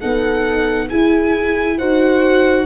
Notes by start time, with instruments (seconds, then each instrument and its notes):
0.00 tuba B3, viola D#4, horn A4, violin F#5
0.89 viola E4, tuba E4, horn G#4, violin G#5
1.78 tuba D#4, viola F#4, horn C5, violin F#5